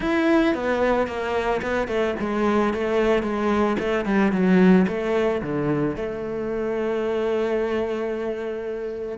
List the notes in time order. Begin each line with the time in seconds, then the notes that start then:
0.00 E4
0.54 B3
1.07 A#3
1.62 B3
1.87 A3
2.19 G#3
2.73 A3
3.22 G#3
3.79 A3
4.05 G3
4.31 F#3
4.87 A3
5.42 D3
5.96 A3